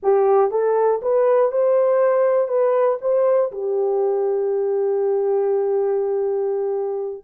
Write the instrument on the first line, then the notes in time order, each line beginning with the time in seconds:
horn
0.02 G4
0.50 A4
1.02 B4
1.51 C5
2.48 B4
3.01 C5
3.51 G4